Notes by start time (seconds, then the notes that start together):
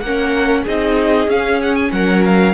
0.00 A#3 C#4 A#4 F#5
0.64 C4 D#4 G#4 D#5
1.27 C#4 F5
1.61 F#5
1.75 G#5
1.91 F#3 A#4 F#5
2.25 F5